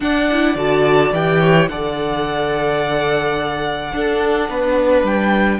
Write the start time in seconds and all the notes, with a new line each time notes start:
0.00 D4 D5 F#5
0.31 E4
0.55 D3 F#4 A5
1.12 E3 G4 G5
1.40 C#5
1.68 D3 A4 D5 F#5
3.91 D4 A4
4.48 B3 B4
5.02 G3 G5